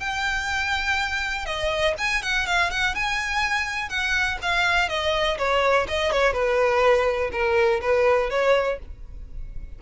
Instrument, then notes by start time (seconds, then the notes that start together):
violin
0.00 G5
1.45 D#5
1.98 G#5
2.23 F#5
2.47 F5
2.70 F#5
2.95 G#5
3.89 F#5
4.42 F5
4.89 D#5
5.38 C#5
5.88 D#5
6.12 C#5
6.33 B4
7.32 A#4
7.81 B4
8.30 C#5